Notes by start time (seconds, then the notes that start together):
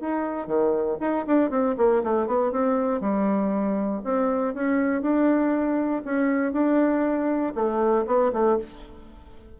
0.00 D#4
0.47 D#3
1.00 D#4
1.27 D4
1.50 C4
1.77 A#3
2.03 A3
2.27 B3
2.52 C4
3.00 G3
4.04 C4
4.54 C#4
5.02 D4
6.04 C#4
6.52 D4
7.55 A3
8.06 B3
8.33 A3